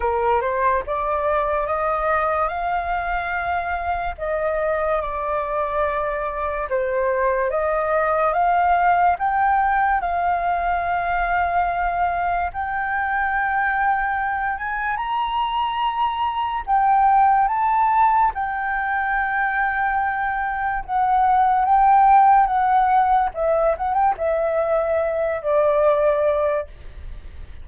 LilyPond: \new Staff \with { instrumentName = "flute" } { \time 4/4 \tempo 4 = 72 ais'8 c''8 d''4 dis''4 f''4~ | f''4 dis''4 d''2 | c''4 dis''4 f''4 g''4 | f''2. g''4~ |
g''4. gis''8 ais''2 | g''4 a''4 g''2~ | g''4 fis''4 g''4 fis''4 | e''8 fis''16 g''16 e''4. d''4. | }